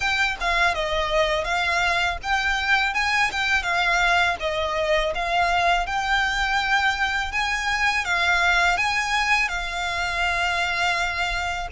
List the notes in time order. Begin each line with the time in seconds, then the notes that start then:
0.00 G5
0.40 F5
0.74 D#5
1.44 F5
2.22 G5
2.94 G#5
3.31 G5
3.63 F5
4.40 D#5
5.14 F5
5.86 G5
7.32 G#5
8.05 F5
8.77 G#5
9.48 F5